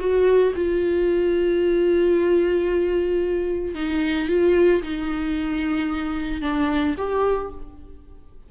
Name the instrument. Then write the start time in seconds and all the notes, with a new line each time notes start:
viola
0.00 F#4
0.56 F4
3.75 D#4
4.29 F4
4.83 D#4
6.42 D4
6.98 G4